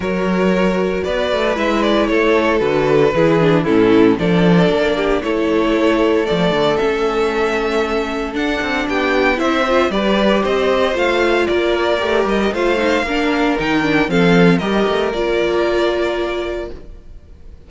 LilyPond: <<
  \new Staff \with { instrumentName = "violin" } { \time 4/4 \tempo 4 = 115 cis''2 d''4 e''8 d''8 | cis''4 b'2 a'4 | d''2 cis''2 | d''4 e''2. |
fis''4 g''4 e''4 d''4 | dis''4 f''4 d''4. dis''8 | f''2 g''4 f''4 | dis''4 d''2. | }
  \new Staff \with { instrumentName = "violin" } { \time 4/4 ais'2 b'2 | a'2 gis'4 e'4 | a'4. g'8 a'2~ | a'1~ |
a'4 g'4 c''4 b'4 | c''2 ais'2 | c''4 ais'2 a'4 | ais'1 | }
  \new Staff \with { instrumentName = "viola" } { \time 4/4 fis'2. e'4~ | e'4 fis'4 e'8 d'8 cis'4 | d'2 e'2 | a4 cis'2. |
d'2 e'8 f'8 g'4~ | g'4 f'2 g'4 | f'8 dis'8 d'4 dis'8 d'8 c'4 | g'4 f'2. | }
  \new Staff \with { instrumentName = "cello" } { \time 4/4 fis2 b8 a8 gis4 | a4 d4 e4 a,4 | f4 ais4 a2 | f8 d8 a2. |
d'8 c'8 b4 c'4 g4 | c'4 a4 ais4 a8 g8 | a4 ais4 dis4 f4 | g8 a8 ais2. | }
>>